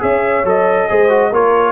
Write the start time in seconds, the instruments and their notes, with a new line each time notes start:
0.00 tuba C#4, trombone G#4, horn C#5, trumpet E5
0.44 tuba F#3, trombone A4, trumpet D#5
0.89 tuba G#3, trombone G#4, horn C5
1.09 trombone F#4
1.31 tuba A#3, trombone F4, horn A#4, trumpet C#5